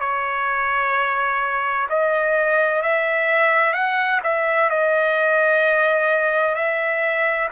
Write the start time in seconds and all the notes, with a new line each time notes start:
0.00 C#5
1.90 D#5
2.83 E5
3.74 F#5
4.24 E5
4.70 D#5
6.55 E5